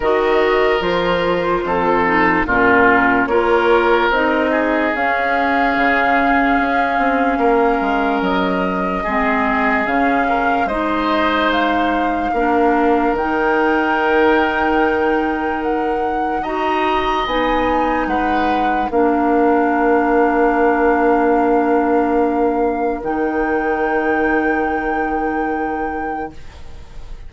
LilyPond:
<<
  \new Staff \with { instrumentName = "flute" } { \time 4/4 \tempo 4 = 73 dis''4 c''2 ais'4 | cis''4 dis''4 f''2~ | f''2 dis''2 | f''4 dis''4 f''2 |
g''2. fis''4 | ais''4 gis''4 fis''4 f''4~ | f''1 | g''1 | }
  \new Staff \with { instrumentName = "oboe" } { \time 4/4 ais'2 a'4 f'4 | ais'4. gis'2~ gis'8~ | gis'4 ais'2 gis'4~ | gis'8 ais'8 c''2 ais'4~ |
ais'1 | dis''2 b'4 ais'4~ | ais'1~ | ais'1 | }
  \new Staff \with { instrumentName = "clarinet" } { \time 4/4 fis'4 f'4. dis'8 cis'4 | f'4 dis'4 cis'2~ | cis'2. c'4 | cis'4 dis'2 d'4 |
dis'1 | fis'4 dis'2 d'4~ | d'1 | dis'1 | }
  \new Staff \with { instrumentName = "bassoon" } { \time 4/4 dis4 f4 f,4 ais,4 | ais4 c'4 cis'4 cis4 | cis'8 c'8 ais8 gis8 fis4 gis4 | cis4 gis2 ais4 |
dis1 | dis'4 b4 gis4 ais4~ | ais1 | dis1 | }
>>